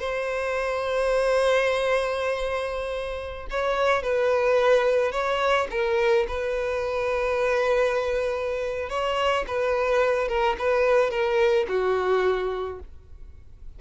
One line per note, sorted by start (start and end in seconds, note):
0.00 3.47 C5
3.50 4.03 C#5
4.03 5.12 B4
5.12 5.67 C#5
5.71 6.26 A#4
6.28 8.89 B4
8.89 9.45 C#5
9.47 10.29 B4
10.29 10.56 A#4
10.59 11.11 B4
11.11 11.66 A#4
11.68 12.80 F#4